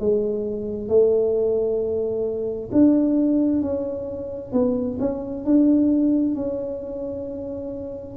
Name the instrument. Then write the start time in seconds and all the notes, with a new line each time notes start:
tuba
0.00 G#3
0.89 A3
2.73 D4
3.62 C#4
4.53 B3
5.00 C#4
5.45 D4
6.36 C#4